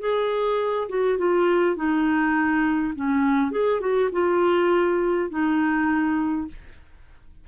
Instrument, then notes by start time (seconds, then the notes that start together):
clarinet
0.00 G#4
0.89 F#4
1.18 F4
1.76 D#4
2.95 C#4
3.51 G#4
3.80 F#4
4.12 F4
5.30 D#4